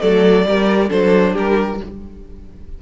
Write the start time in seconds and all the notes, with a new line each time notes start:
0.00 F#3 A3 A4 D5
0.45 G3 A#4
0.88 F#3 D4 A4 C5
1.32 G3 G4 A#4